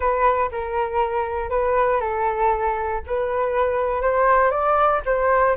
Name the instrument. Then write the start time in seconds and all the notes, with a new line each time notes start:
flute
0.00 B4
0.51 A#4
1.50 B4
2.00 A4
3.06 B4
4.01 C5
4.51 D5
5.05 C5